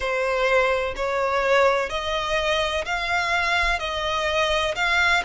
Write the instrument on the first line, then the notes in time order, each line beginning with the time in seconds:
violin
0.00 C5
0.95 C#5
1.89 D#5
2.85 F5
3.79 D#5
4.74 F5